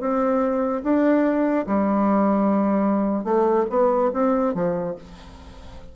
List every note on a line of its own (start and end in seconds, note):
0.00 0.82 C4
0.83 1.66 D4
1.67 3.24 G3
3.24 3.65 A3
3.70 4.11 B3
4.13 4.54 C4
4.54 4.95 F3